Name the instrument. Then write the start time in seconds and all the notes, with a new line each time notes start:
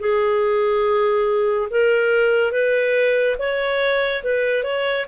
clarinet
0.00 G#4
1.70 A#4
2.52 B4
3.39 C#5
4.24 B4
4.64 C#5